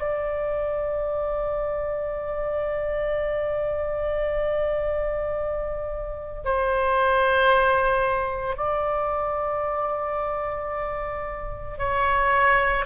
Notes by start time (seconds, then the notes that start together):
0.00 D5
6.44 C5
8.57 D5
11.78 C#5